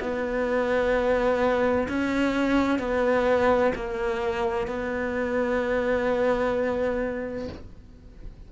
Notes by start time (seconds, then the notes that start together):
0.00 B3
1.88 C#4
2.79 B3
3.75 A#3
4.67 B3